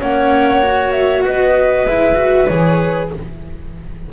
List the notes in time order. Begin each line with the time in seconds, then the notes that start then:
0.00 A#3 C#4 C#5 F#5
0.62 F#4
0.91 E5
1.24 B3 B4 D#5
1.85 G#3 E4 E5
2.15 F#4
2.47 E3 G#4 C#5